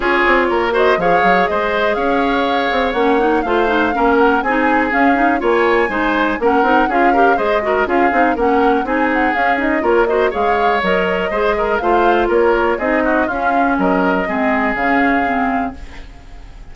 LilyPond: <<
  \new Staff \with { instrumentName = "flute" } { \time 4/4 \tempo 4 = 122 cis''4. dis''8 f''4 dis''4 | f''2 fis''4 f''4~ | f''8 fis''8 gis''4 f''4 gis''4~ | gis''4 fis''4 f''4 dis''4 |
f''4 fis''4 gis''8 fis''8 f''8 dis''8 | cis''8 dis''8 f''4 dis''2 | f''4 cis''4 dis''4 f''4 | dis''2 f''2 | }
  \new Staff \with { instrumentName = "oboe" } { \time 4/4 gis'4 ais'8 c''8 cis''4 c''4 | cis''2. c''4 | ais'4 gis'2 cis''4 | c''4 ais'4 gis'8 ais'8 c''8 ais'8 |
gis'4 ais'4 gis'2 | ais'8 c''8 cis''2 c''8 ais'8 | c''4 ais'4 gis'8 fis'8 f'4 | ais'4 gis'2. | }
  \new Staff \with { instrumentName = "clarinet" } { \time 4/4 f'4. fis'8 gis'2~ | gis'2 cis'8 dis'8 f'8 dis'8 | cis'4 dis'4 cis'8 dis'8 f'4 | dis'4 cis'8 dis'8 f'8 g'8 gis'8 fis'8 |
f'8 dis'8 cis'4 dis'4 cis'8 dis'8 | f'8 fis'8 gis'4 ais'4 gis'4 | f'2 dis'4 cis'4~ | cis'4 c'4 cis'4 c'4 | }
  \new Staff \with { instrumentName = "bassoon" } { \time 4/4 cis'8 c'8 ais4 f8 fis8 gis4 | cis'4. c'8 ais4 a4 | ais4 c'4 cis'4 ais4 | gis4 ais8 c'8 cis'4 gis4 |
cis'8 c'8 ais4 c'4 cis'4 | ais4 gis4 fis4 gis4 | a4 ais4 c'4 cis'4 | fis4 gis4 cis2 | }
>>